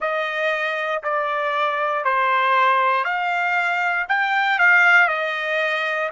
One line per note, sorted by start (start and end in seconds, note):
0.00 1.02 D#5
1.03 2.04 D5
2.04 3.04 C5
3.04 4.06 F5
4.08 4.58 G5
4.58 5.08 F5
5.08 6.09 D#5